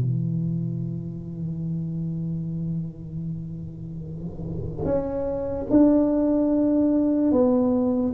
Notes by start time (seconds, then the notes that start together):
0.00 E3
4.85 C#4
5.70 D4
7.32 B3